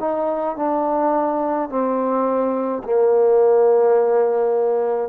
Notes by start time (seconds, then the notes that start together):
0.00 D#4
0.57 D4
1.70 C4
2.84 A#3